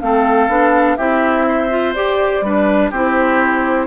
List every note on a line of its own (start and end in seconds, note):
0.00 0.48 A3
0.00 0.49 C4
0.00 0.97 A4
0.00 0.97 F5
0.48 0.97 B3
0.48 0.98 D4
0.97 1.95 C4
0.97 1.70 E4
0.97 1.46 G4
0.97 1.93 E5
1.48 2.45 C5
1.70 1.94 F4
1.94 2.44 G4
1.94 2.42 G4
1.94 2.90 D5
2.42 2.90 G3
2.42 2.92 D4
2.42 2.91 B4
2.91 3.86 C4
2.91 3.86 E4
2.91 3.86 G4
2.91 3.86 C5